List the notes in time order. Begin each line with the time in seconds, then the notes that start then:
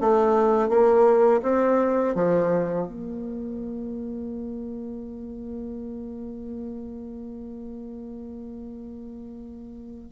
0.00 A3
0.69 A#3
1.43 C4
2.15 F3
2.87 A#3